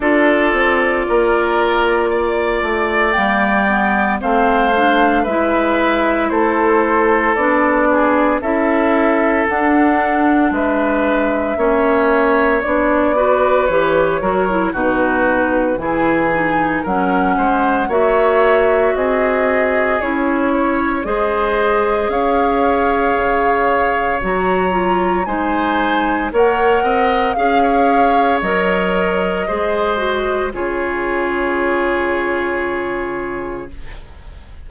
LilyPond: <<
  \new Staff \with { instrumentName = "flute" } { \time 4/4 \tempo 4 = 57 d''2. g''4 | f''4 e''4 c''4 d''4 | e''4 fis''4 e''2 | d''4 cis''4 b'4 gis''4 |
fis''4 e''4 dis''4 cis''4 | dis''4 f''2 ais''4 | gis''4 fis''4 f''4 dis''4~ | dis''4 cis''2. | }
  \new Staff \with { instrumentName = "oboe" } { \time 4/4 a'4 ais'4 d''2 | c''4 b'4 a'4. gis'8 | a'2 b'4 cis''4~ | cis''8 b'4 ais'8 fis'4 gis'4 |
ais'8 c''8 cis''4 gis'4. cis''8 | c''4 cis''2. | c''4 cis''8 dis''8 f''16 cis''4.~ cis''16 | c''4 gis'2. | }
  \new Staff \with { instrumentName = "clarinet" } { \time 4/4 f'2. ais8 b8 | c'8 d'8 e'2 d'4 | e'4 d'2 cis'4 | d'8 fis'8 g'8 fis'16 e'16 dis'4 e'8 dis'8 |
cis'4 fis'2 e'4 | gis'2. fis'8 f'8 | dis'4 ais'4 gis'4 ais'4 | gis'8 fis'8 f'2. | }
  \new Staff \with { instrumentName = "bassoon" } { \time 4/4 d'8 c'8 ais4. a8 g4 | a4 gis4 a4 b4 | cis'4 d'4 gis4 ais4 | b4 e8 fis8 b,4 e4 |
fis8 gis8 ais4 c'4 cis'4 | gis4 cis'4 cis4 fis4 | gis4 ais8 c'8 cis'4 fis4 | gis4 cis2. | }
>>